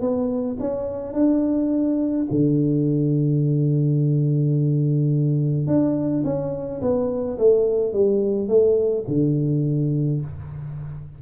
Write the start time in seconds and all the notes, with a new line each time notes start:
0.00 B3
0.60 C#4
1.13 D4
2.30 D3
5.67 D4
6.24 C#4
6.81 B3
7.38 A3
7.92 G3
8.48 A3
9.07 D3